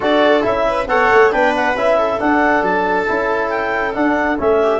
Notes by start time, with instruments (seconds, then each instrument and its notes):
0.00 tuba D4, trombone F#4, viola A4, clarinet D5
0.42 tuba C#4, trombone E4, clarinet E5
0.66 viola B4
0.86 tuba B3, trombone A4, viola C#5, clarinet F#5
1.11 tuba A3
1.31 tuba B3, trombone D4, viola B4, clarinet G5
1.55 clarinet F#5
1.75 tuba C#4, trombone E4, clarinet E5
1.98 viola A4
2.18 trombone D4, tuba D4, clarinet F#5
2.62 tuba F#3, clarinet A5
3.06 tuba C#4, trombone E4
3.49 clarinet G5
3.93 trombone D4, tuba D4, clarinet F#5
4.38 tuba A3, trombone C#4, clarinet E5
4.62 viola G4